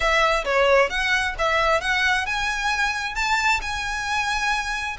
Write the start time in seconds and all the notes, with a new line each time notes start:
0.00 E5
0.44 C#5
0.89 F#5
1.38 E5
1.80 F#5
2.26 G#5
3.15 A5
3.61 G#5